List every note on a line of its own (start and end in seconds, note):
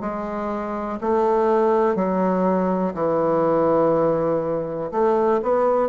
0.00 0.98 G#3
1.01 1.95 A3
1.95 2.94 F#3
2.94 4.91 E3
4.91 5.41 A3
5.42 5.89 B3